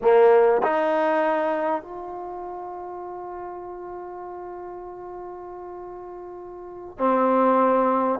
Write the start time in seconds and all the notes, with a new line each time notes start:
0.01 A#3
0.62 D#4
1.82 F4
6.98 C4